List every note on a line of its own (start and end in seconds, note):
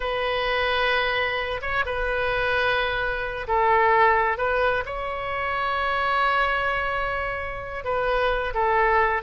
0.00 1.60 B4
1.61 1.84 C#5
1.85 3.47 B4
3.47 4.37 A4
4.37 4.83 B4
4.85 7.84 C#5
7.84 8.53 B4
8.54 9.22 A4